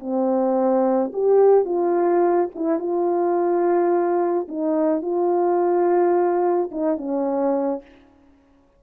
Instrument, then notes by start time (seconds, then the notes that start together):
horn
0.00 C4
1.13 G4
1.65 F4
2.55 E4
2.79 F4
4.49 D#4
5.02 F4
6.72 D#4
6.98 C#4